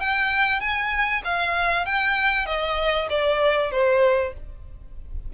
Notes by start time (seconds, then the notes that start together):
0.00 G5
0.60 G#5
1.25 F5
1.86 G5
2.46 D#5
3.10 D5
3.71 C5